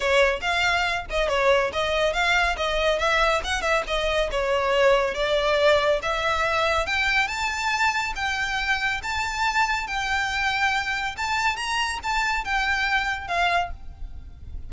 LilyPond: \new Staff \with { instrumentName = "violin" } { \time 4/4 \tempo 4 = 140 cis''4 f''4. dis''8 cis''4 | dis''4 f''4 dis''4 e''4 | fis''8 e''8 dis''4 cis''2 | d''2 e''2 |
g''4 a''2 g''4~ | g''4 a''2 g''4~ | g''2 a''4 ais''4 | a''4 g''2 f''4 | }